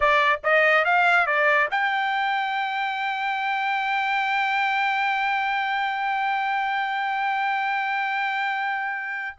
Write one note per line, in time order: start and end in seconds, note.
0.00 0.39 D5
0.43 0.84 D#5
0.84 1.26 F5
1.26 1.68 D5
1.70 9.36 G5